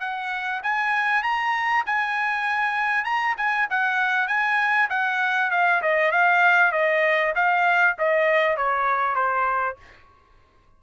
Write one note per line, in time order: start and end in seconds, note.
0.00 0.61 F#5
0.63 1.23 G#5
1.23 1.84 A#5
1.86 3.04 G#5
3.04 3.35 A#5
3.37 3.68 G#5
3.70 4.27 F#5
4.27 4.89 G#5
4.90 5.51 F#5
5.51 5.82 F5
5.82 6.12 D#5
6.12 6.72 F5
6.72 7.33 D#5
7.35 7.96 F5
7.98 8.57 D#5
8.57 9.15 C#5
9.15 9.76 C5